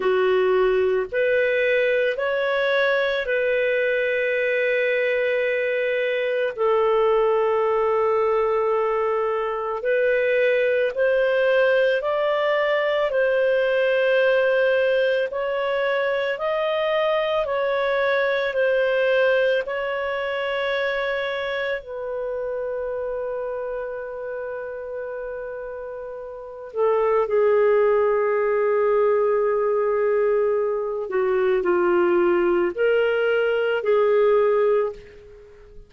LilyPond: \new Staff \with { instrumentName = "clarinet" } { \time 4/4 \tempo 4 = 55 fis'4 b'4 cis''4 b'4~ | b'2 a'2~ | a'4 b'4 c''4 d''4 | c''2 cis''4 dis''4 |
cis''4 c''4 cis''2 | b'1~ | b'8 a'8 gis'2.~ | gis'8 fis'8 f'4 ais'4 gis'4 | }